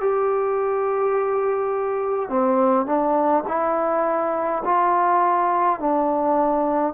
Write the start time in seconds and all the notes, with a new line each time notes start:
0.00 G4
2.29 C4
2.86 D4
3.48 E4
4.65 F4
5.80 D4